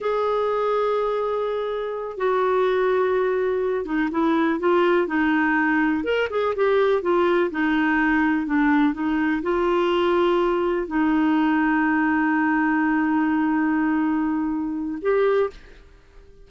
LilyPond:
\new Staff \with { instrumentName = "clarinet" } { \time 4/4 \tempo 4 = 124 gis'1~ | gis'8 fis'2.~ fis'8 | dis'8 e'4 f'4 dis'4.~ | dis'8 ais'8 gis'8 g'4 f'4 dis'8~ |
dis'4. d'4 dis'4 f'8~ | f'2~ f'8 dis'4.~ | dis'1~ | dis'2. g'4 | }